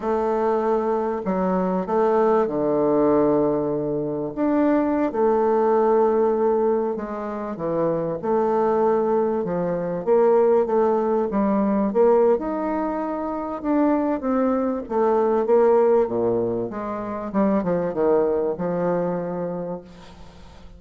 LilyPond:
\new Staff \with { instrumentName = "bassoon" } { \time 4/4 \tempo 4 = 97 a2 fis4 a4 | d2. d'4~ | d'16 a2. gis8.~ | gis16 e4 a2 f8.~ |
f16 ais4 a4 g4 ais8. | dis'2 d'4 c'4 | a4 ais4 ais,4 gis4 | g8 f8 dis4 f2 | }